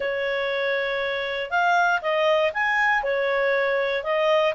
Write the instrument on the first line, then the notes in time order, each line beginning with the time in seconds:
clarinet
0.00 C#5
1.50 F5
2.01 D#5
2.53 G#5
3.03 C#5
4.03 D#5